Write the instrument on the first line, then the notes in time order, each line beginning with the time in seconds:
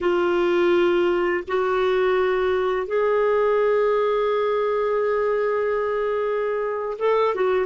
clarinet
0.01 F4
1.47 F#4
2.86 G#4
6.98 A4
7.34 F#4